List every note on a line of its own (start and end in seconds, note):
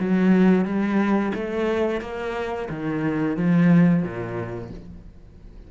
0.00 0.65 F#3
0.65 1.33 G3
1.35 2.01 A3
2.01 2.69 A#3
2.70 3.37 D#3
3.37 4.03 F3
4.03 4.71 A#2